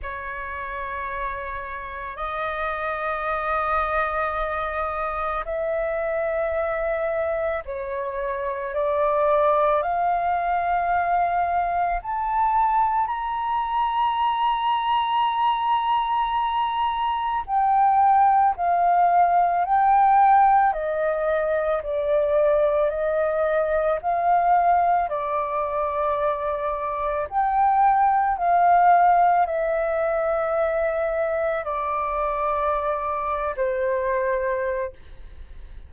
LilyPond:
\new Staff \with { instrumentName = "flute" } { \time 4/4 \tempo 4 = 55 cis''2 dis''2~ | dis''4 e''2 cis''4 | d''4 f''2 a''4 | ais''1 |
g''4 f''4 g''4 dis''4 | d''4 dis''4 f''4 d''4~ | d''4 g''4 f''4 e''4~ | e''4 d''4.~ d''16 c''4~ c''16 | }